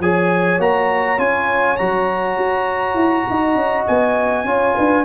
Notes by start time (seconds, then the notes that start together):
0.00 F3 G#4 C#5 G#5
0.59 A#3 F#4 A#5
1.18 C#4 F4 G#5
1.77 F#3 F#4 A#5
2.38 F#4
2.95 E4
3.30 D#4 D#5
3.55 C#4
3.87 B3 G#5
4.45 C#4 F4 C#5
4.75 D4 B4